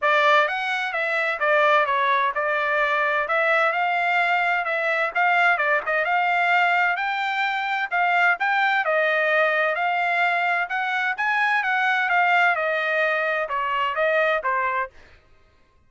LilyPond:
\new Staff \with { instrumentName = "trumpet" } { \time 4/4 \tempo 4 = 129 d''4 fis''4 e''4 d''4 | cis''4 d''2 e''4 | f''2 e''4 f''4 | d''8 dis''8 f''2 g''4~ |
g''4 f''4 g''4 dis''4~ | dis''4 f''2 fis''4 | gis''4 fis''4 f''4 dis''4~ | dis''4 cis''4 dis''4 c''4 | }